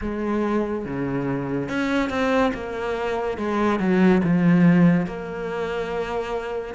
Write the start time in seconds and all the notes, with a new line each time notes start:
0.01 G#3
0.85 C#3
1.69 C#4
2.09 C4
2.54 A#3
3.37 G#3
3.79 F#3
4.23 F3
5.06 A#3